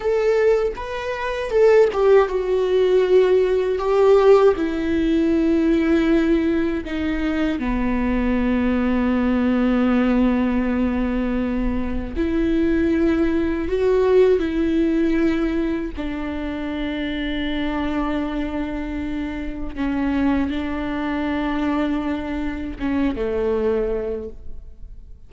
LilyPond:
\new Staff \with { instrumentName = "viola" } { \time 4/4 \tempo 4 = 79 a'4 b'4 a'8 g'8 fis'4~ | fis'4 g'4 e'2~ | e'4 dis'4 b2~ | b1 |
e'2 fis'4 e'4~ | e'4 d'2.~ | d'2 cis'4 d'4~ | d'2 cis'8 a4. | }